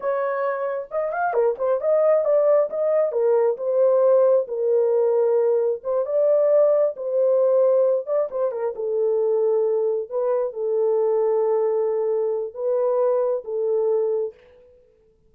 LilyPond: \new Staff \with { instrumentName = "horn" } { \time 4/4 \tempo 4 = 134 cis''2 dis''8 f''8 ais'8 c''8 | dis''4 d''4 dis''4 ais'4 | c''2 ais'2~ | ais'4 c''8 d''2 c''8~ |
c''2 d''8 c''8 ais'8 a'8~ | a'2~ a'8 b'4 a'8~ | a'1 | b'2 a'2 | }